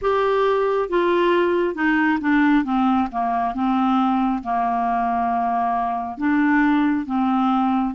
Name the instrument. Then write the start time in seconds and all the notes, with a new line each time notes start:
clarinet
0.01 G4
0.89 F4
1.74 D#4
2.20 D4
2.64 C4
3.11 A#3
3.54 C4
4.43 A#3
6.17 D4
7.06 C4